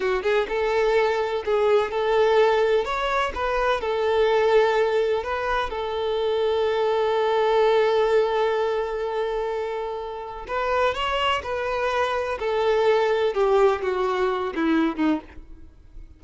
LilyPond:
\new Staff \with { instrumentName = "violin" } { \time 4/4 \tempo 4 = 126 fis'8 gis'8 a'2 gis'4 | a'2 cis''4 b'4 | a'2. b'4 | a'1~ |
a'1~ | a'2 b'4 cis''4 | b'2 a'2 | g'4 fis'4. e'4 dis'8 | }